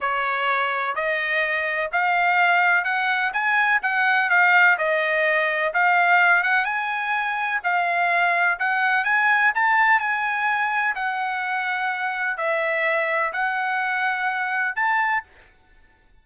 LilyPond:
\new Staff \with { instrumentName = "trumpet" } { \time 4/4 \tempo 4 = 126 cis''2 dis''2 | f''2 fis''4 gis''4 | fis''4 f''4 dis''2 | f''4. fis''8 gis''2 |
f''2 fis''4 gis''4 | a''4 gis''2 fis''4~ | fis''2 e''2 | fis''2. a''4 | }